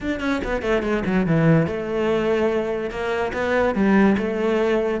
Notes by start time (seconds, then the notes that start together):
0.00 D4
0.20 C#4
0.44 B3
0.62 A3
0.82 G#3
1.05 F#3
1.26 E3
1.66 A3
2.90 A#3
3.33 B3
3.74 G3
4.17 A3